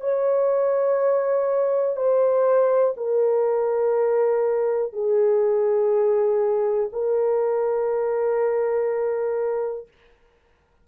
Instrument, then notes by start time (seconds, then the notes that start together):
horn
0.00 C#5
1.96 C5
2.96 A#4
4.93 G#4
6.92 A#4